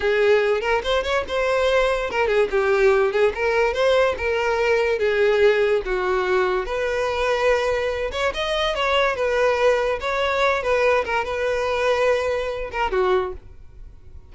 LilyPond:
\new Staff \with { instrumentName = "violin" } { \time 4/4 \tempo 4 = 144 gis'4. ais'8 c''8 cis''8 c''4~ | c''4 ais'8 gis'8 g'4. gis'8 | ais'4 c''4 ais'2 | gis'2 fis'2 |
b'2.~ b'8 cis''8 | dis''4 cis''4 b'2 | cis''4. b'4 ais'8 b'4~ | b'2~ b'8 ais'8 fis'4 | }